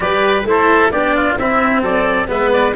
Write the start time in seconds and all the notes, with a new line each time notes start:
0.00 G3 G4 B4 D5
0.44 A3 E4 A4 C5
0.91 B3 D4 G4 D5
1.15 F4
1.38 C4 E4 E5
1.81 F#3 A4 D5
2.27 G#3 B3 B4 E5
2.52 D5